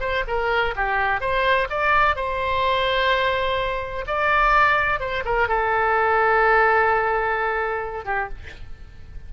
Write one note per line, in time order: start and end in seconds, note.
0.00 0.24 C5
0.27 0.75 A#4
0.76 1.20 G4
1.20 1.68 C5
1.70 2.16 D5
2.16 4.05 C5
4.07 5.00 D5
5.00 5.24 C5
5.25 5.48 A#4
5.48 8.05 A4
8.05 8.29 G4